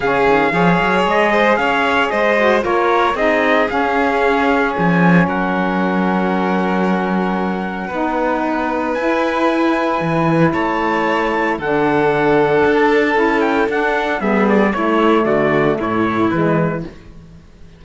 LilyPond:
<<
  \new Staff \with { instrumentName = "trumpet" } { \time 4/4 \tempo 4 = 114 f''2 dis''4 f''4 | dis''4 cis''4 dis''4 f''4~ | f''4 gis''4 fis''2~ | fis''1~ |
fis''4 gis''2. | a''2 fis''2~ | fis''16 a''4~ a''16 g''8 fis''4 e''8 d''8 | cis''4 d''4 cis''4 b'4 | }
  \new Staff \with { instrumentName = "violin" } { \time 4/4 gis'4 cis''4. c''8 cis''4 | c''4 ais'4 gis'2~ | gis'2 ais'2~ | ais'2. b'4~ |
b'1 | cis''2 a'2~ | a'2. gis'4 | e'4 fis'4 e'2 | }
  \new Staff \with { instrumentName = "saxophone" } { \time 4/4 cis'4 gis'2.~ | gis'8 fis'8 f'4 dis'4 cis'4~ | cis'1~ | cis'2. dis'4~ |
dis'4 e'2.~ | e'2 d'2~ | d'4 e'4 d'4 b4 | a2. gis4 | }
  \new Staff \with { instrumentName = "cello" } { \time 4/4 cis8 dis8 f8 fis8 gis4 cis'4 | gis4 ais4 c'4 cis'4~ | cis'4 f4 fis2~ | fis2. b4~ |
b4 e'2 e4 | a2 d2 | d'4 cis'4 d'4 g4 | a4 d4 a,4 e4 | }
>>